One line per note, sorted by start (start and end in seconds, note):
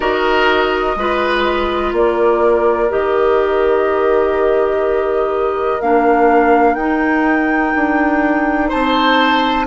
0.00 0.96 D#4
0.00 0.97 F#4
0.00 0.95 A#4
0.00 1.93 D#5
0.96 1.92 G#3
0.96 2.89 F4
0.96 1.95 B4
1.92 2.89 A#3
1.92 8.68 A#4
1.92 2.91 D5
2.89 5.81 D#3
2.89 5.79 G4
2.89 5.81 D#5
5.81 6.75 A#3
5.81 6.78 D4
5.81 6.74 F5
6.74 7.72 D#4
6.74 9.67 D#4
6.74 8.68 G5
7.75 8.72 D4
8.68 9.67 C4
8.68 9.65 C5
8.68 9.67 A5